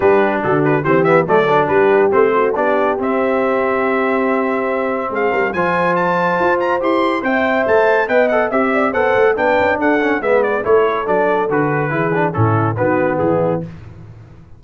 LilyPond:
<<
  \new Staff \with { instrumentName = "trumpet" } { \time 4/4 \tempo 4 = 141 b'4 a'8 b'8 c''8 e''8 d''4 | b'4 c''4 d''4 e''4~ | e''1 | f''4 gis''4 a''4. ais''8 |
c'''4 g''4 a''4 g''8 fis''8 | e''4 fis''4 g''4 fis''4 | e''8 d''8 cis''4 d''4 b'4~ | b'4 a'4 b'4 gis'4 | }
  \new Staff \with { instrumentName = "horn" } { \time 4/4 g'4 fis'4 g'4 a'4 | g'4. fis'8 g'2~ | g'1 | gis'8 ais'8 c''2.~ |
c''4 e''2 dis''4 | e''8 d''8 c''4 b'4 a'4 | b'4 a'2. | gis'4 e'4 fis'4 e'4 | }
  \new Staff \with { instrumentName = "trombone" } { \time 4/4 d'2 c'8 b8 a8 d'8~ | d'4 c'4 d'4 c'4~ | c'1~ | c'4 f'2. |
g'4 c''2 b'8 a'8 | g'4 a'4 d'4. cis'8 | b4 e'4 d'4 fis'4 | e'8 d'8 cis'4 b2 | }
  \new Staff \with { instrumentName = "tuba" } { \time 4/4 g4 d4 e4 fis4 | g4 a4 b4 c'4~ | c'1 | gis8 g8 f2 f'4 |
e'4 c'4 a4 b4 | c'4 b8 a8 b8 cis'8 d'4 | gis4 a4 fis4 d4 | e4 a,4 dis4 e4 | }
>>